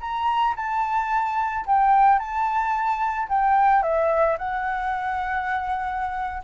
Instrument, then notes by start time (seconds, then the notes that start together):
flute
0.00 A#5
0.56 A5
1.66 G5
2.19 A5
3.29 G5
3.83 E5
4.38 F#5